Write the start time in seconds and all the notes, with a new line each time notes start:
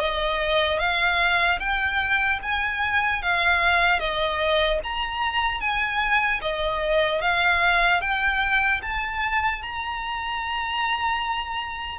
0.00 D#5
0.79 F5
1.60 G5
2.43 G#5
3.22 F5
3.99 D#5
4.83 A#5
5.61 G#5
6.41 D#5
7.21 F5
8.01 G5
8.82 A5
9.62 A#5